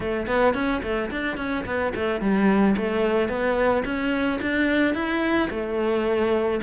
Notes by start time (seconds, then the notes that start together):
0.00 A3
0.26 B3
0.54 C#4
0.82 A3
1.10 D4
1.37 C#4
1.65 B3
1.95 A3
2.20 G3
2.76 A3
3.28 B3
3.84 C#4
4.41 D4
4.94 E4
5.50 A3